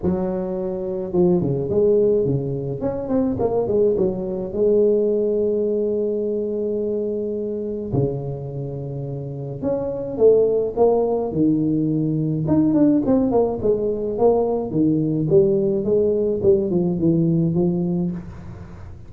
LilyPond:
\new Staff \with { instrumentName = "tuba" } { \time 4/4 \tempo 4 = 106 fis2 f8 cis8 gis4 | cis4 cis'8 c'8 ais8 gis8 fis4 | gis1~ | gis2 cis2~ |
cis4 cis'4 a4 ais4 | dis2 dis'8 d'8 c'8 ais8 | gis4 ais4 dis4 g4 | gis4 g8 f8 e4 f4 | }